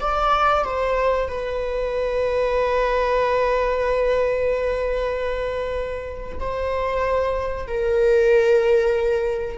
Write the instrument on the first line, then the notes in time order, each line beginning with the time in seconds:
viola
0.00 D5
0.64 C5
1.28 B4
6.40 C5
7.67 A#4